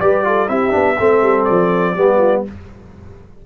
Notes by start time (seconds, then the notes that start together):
0.00 G3 G4 B4 D5
0.24 F4 A4
0.48 C4 E4 G4 E5
0.70 B3 D4
0.98 A3 C4 A4
1.22 G3
1.44 F3 D5
1.95 G3 B3 G4
2.18 F4